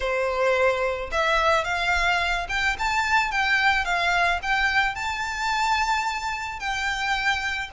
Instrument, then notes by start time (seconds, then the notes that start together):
violin
0.00 C5
1.11 E5
1.64 F5
2.48 G5
2.78 A5
3.31 G5
3.84 F5
4.42 G5
4.95 A5
6.59 G5